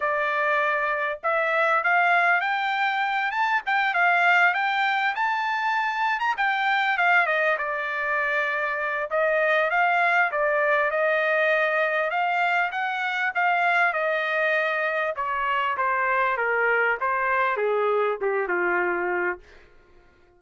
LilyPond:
\new Staff \with { instrumentName = "trumpet" } { \time 4/4 \tempo 4 = 99 d''2 e''4 f''4 | g''4. a''8 g''8 f''4 g''8~ | g''8 a''4.~ a''16 ais''16 g''4 f''8 | dis''8 d''2~ d''8 dis''4 |
f''4 d''4 dis''2 | f''4 fis''4 f''4 dis''4~ | dis''4 cis''4 c''4 ais'4 | c''4 gis'4 g'8 f'4. | }